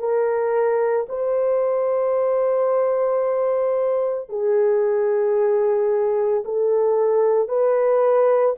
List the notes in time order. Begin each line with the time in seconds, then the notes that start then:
0.00 A#4
1.10 C5
4.30 G#4
6.45 A4
7.49 B4